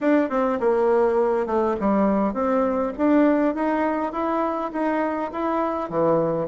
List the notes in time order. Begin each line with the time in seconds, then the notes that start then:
0.01 D4
0.29 C4
0.60 A#3
1.46 A3
1.79 G3
2.33 C4
2.97 D4
3.55 D#4
4.12 E4
4.72 D#4
5.32 E4
5.89 E3